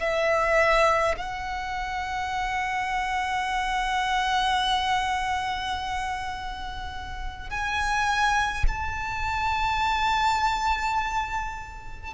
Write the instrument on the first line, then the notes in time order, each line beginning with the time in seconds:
violin
0.00 E5
1.17 F#5
7.51 G#5
8.68 A5